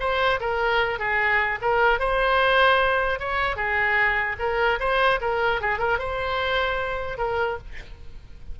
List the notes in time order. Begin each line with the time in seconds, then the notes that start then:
0.00 C5
0.40 A#4
0.99 G#4
1.61 A#4
1.99 C5
3.19 C#5
3.56 G#4
4.39 A#4
4.80 C5
5.21 A#4
5.61 G#4
5.79 A#4
5.99 C5
7.18 A#4